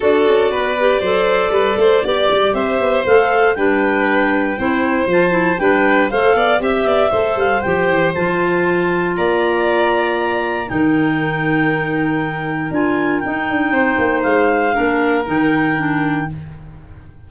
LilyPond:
<<
  \new Staff \with { instrumentName = "clarinet" } { \time 4/4 \tempo 4 = 118 d''1~ | d''4 e''4 f''4 g''4~ | g''2 a''4 g''4 | f''4 e''4. f''8 g''4 |
a''2 ais''2~ | ais''4 g''2.~ | g''4 gis''4 g''2 | f''2 g''2 | }
  \new Staff \with { instrumentName = "violin" } { \time 4/4 a'4 b'4 c''4 b'8 c''8 | d''4 c''2 b'4~ | b'4 c''2 b'4 | c''8 d''8 e''8 d''8 c''2~ |
c''2 d''2~ | d''4 ais'2.~ | ais'2. c''4~ | c''4 ais'2. | }
  \new Staff \with { instrumentName = "clarinet" } { \time 4/4 fis'4. g'8 a'2 | g'2 a'4 d'4~ | d'4 e'4 f'8 e'8 d'4 | a'4 g'4 a'4 g'4 |
f'1~ | f'4 dis'2.~ | dis'4 f'4 dis'2~ | dis'4 d'4 dis'4 d'4 | }
  \new Staff \with { instrumentName = "tuba" } { \time 4/4 d'8 cis'8 b4 fis4 g8 a8 | b8 g8 c'8 b8 a4 g4~ | g4 c'4 f4 g4 | a8 b8 c'8 b8 a8 g8 f8 e8 |
f2 ais2~ | ais4 dis2.~ | dis4 d'4 dis'8 d'8 c'8 ais8 | gis4 ais4 dis2 | }
>>